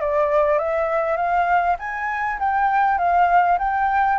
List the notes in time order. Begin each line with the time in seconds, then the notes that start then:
0.00 D5
0.59 E5
1.16 F5
1.79 G#5
2.39 G5
2.98 F5
3.58 G5